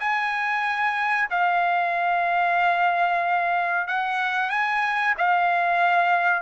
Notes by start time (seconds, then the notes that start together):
0.00 G#5
1.30 F5
3.87 F#5
4.50 G#5
5.18 F5